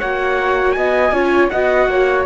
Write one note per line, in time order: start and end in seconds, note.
0.00 0.77 A#3
0.00 1.14 F#4
0.00 0.75 C#5
0.00 0.72 F#5
0.72 1.12 B3
0.72 1.14 D#5
0.72 1.47 G#5
1.12 1.49 C#4
1.12 1.51 F4
1.12 1.51 C#5
1.50 1.88 B3
1.50 2.27 F#4
1.50 1.89 D#5
1.50 2.25 F#5
1.88 2.25 A#3
1.88 2.27 C#5